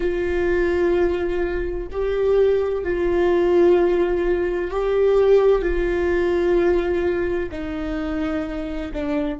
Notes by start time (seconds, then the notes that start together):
0.00 F4
1.90 G4
2.83 F4
4.70 G4
5.62 F4
7.51 D#4
8.92 D4